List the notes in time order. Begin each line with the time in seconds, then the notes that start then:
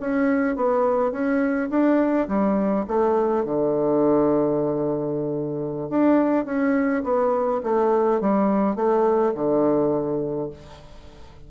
0.00 C#4
0.56 B3
1.12 C#4
1.70 D4
2.28 G3
2.87 A3
3.45 D3
5.90 D4
6.45 C#4
7.04 B3
7.63 A3
8.21 G3
8.76 A3
9.35 D3